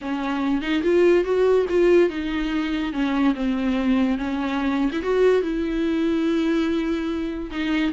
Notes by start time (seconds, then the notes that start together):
0.01 C#4
0.61 D#4
0.83 F4
1.24 F#4
1.69 F4
2.09 D#4
2.92 C#4
3.34 C4
4.17 C#4
4.92 E4
5.02 F#4
5.42 E4
7.51 D#4